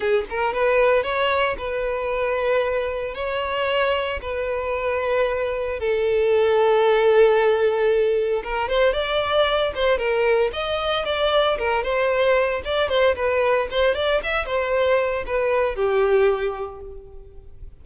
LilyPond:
\new Staff \with { instrumentName = "violin" } { \time 4/4 \tempo 4 = 114 gis'8 ais'8 b'4 cis''4 b'4~ | b'2 cis''2 | b'2. a'4~ | a'1 |
ais'8 c''8 d''4. c''8 ais'4 | dis''4 d''4 ais'8 c''4. | d''8 c''8 b'4 c''8 d''8 e''8 c''8~ | c''4 b'4 g'2 | }